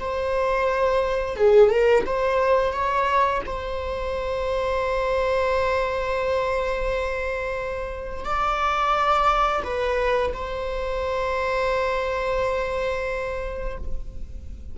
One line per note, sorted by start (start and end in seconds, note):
0.00 1.37 C5
1.37 1.70 G#4
1.70 2.05 A#4
2.06 2.73 C5
2.73 3.42 C#5
3.47 8.25 C5
8.25 9.63 D5
9.64 10.33 B4
10.34 13.79 C5